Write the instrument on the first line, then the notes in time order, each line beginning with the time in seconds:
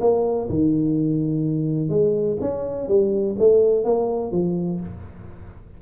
tuba
0.00 A#3
0.49 D#3
1.89 G#3
2.41 C#4
2.88 G3
3.38 A3
3.84 A#3
4.32 F3